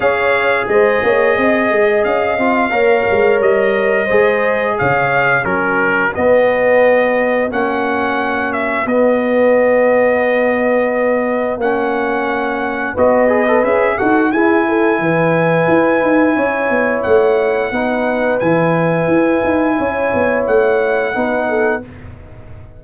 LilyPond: <<
  \new Staff \with { instrumentName = "trumpet" } { \time 4/4 \tempo 4 = 88 f''4 dis''2 f''4~ | f''4 dis''2 f''4 | ais'4 dis''2 fis''4~ | fis''8 e''8 dis''2.~ |
dis''4 fis''2 dis''4 | e''8 fis''8 gis''2.~ | gis''4 fis''2 gis''4~ | gis''2 fis''2 | }
  \new Staff \with { instrumentName = "horn" } { \time 4/4 cis''4 c''8 cis''8 dis''2 | cis''2 c''4 cis''4 | fis'1~ | fis'1~ |
fis'2. b'4~ | b'8 a'8 gis'8 a'8 b'2 | cis''2 b'2~ | b'4 cis''2 b'8 a'8 | }
  \new Staff \with { instrumentName = "trombone" } { \time 4/4 gis'2.~ gis'8 f'8 | ais'2 gis'2 | cis'4 b2 cis'4~ | cis'4 b2.~ |
b4 cis'2 fis'8 gis'16 a'16 | gis'8 fis'8 e'2.~ | e'2 dis'4 e'4~ | e'2. dis'4 | }
  \new Staff \with { instrumentName = "tuba" } { \time 4/4 cis'4 gis8 ais8 c'8 gis8 cis'8 c'8 | ais8 gis8 g4 gis4 cis4 | fis4 b2 ais4~ | ais4 b2.~ |
b4 ais2 b4 | cis'8 dis'8 e'4 e4 e'8 dis'8 | cis'8 b8 a4 b4 e4 | e'8 dis'8 cis'8 b8 a4 b4 | }
>>